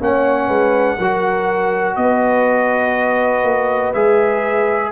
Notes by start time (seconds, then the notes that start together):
0.00 A#3 C#4 C#5 F#5
0.48 G#3 B4
0.98 F#3 F#4 A#4
1.96 B3 B4 D#5
3.43 A#3
3.93 G#3 G#4 E5